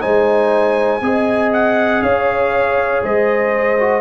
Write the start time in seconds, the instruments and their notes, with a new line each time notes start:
0.00 tuba G#3, trombone D#4, horn C5, trumpet G#5
1.01 tuba C4, trombone G#4, horn D#5
1.52 trumpet F#5
2.02 tuba C#4, horn C#5, trumpet F5
3.03 tuba G#3, horn C5, trumpet D#5
3.79 trombone F#4